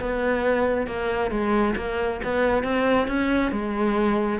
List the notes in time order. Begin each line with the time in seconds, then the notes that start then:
0.00 B3
0.87 A#3
1.31 G#3
1.76 A#3
2.24 B3
2.64 C4
3.08 C#4
3.52 G#3